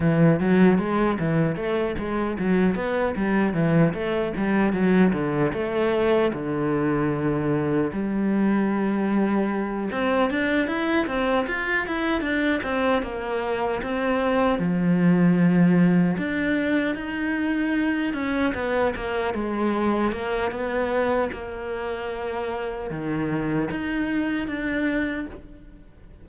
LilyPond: \new Staff \with { instrumentName = "cello" } { \time 4/4 \tempo 4 = 76 e8 fis8 gis8 e8 a8 gis8 fis8 b8 | g8 e8 a8 g8 fis8 d8 a4 | d2 g2~ | g8 c'8 d'8 e'8 c'8 f'8 e'8 d'8 |
c'8 ais4 c'4 f4.~ | f8 d'4 dis'4. cis'8 b8 | ais8 gis4 ais8 b4 ais4~ | ais4 dis4 dis'4 d'4 | }